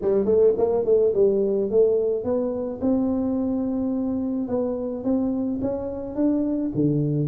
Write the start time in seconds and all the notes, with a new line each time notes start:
0.01 G3
0.25 A3
0.57 A#3
0.84 A3
1.14 G3
1.70 A3
2.24 B3
2.81 C4
4.48 B3
5.04 C4
5.61 C#4
6.15 D4
6.74 D3